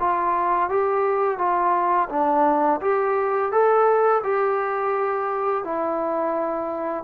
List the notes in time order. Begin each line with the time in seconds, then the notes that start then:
0.00 F4
0.70 G4
1.38 F4
2.10 D4
2.81 G4
3.52 A4
4.24 G4
5.64 E4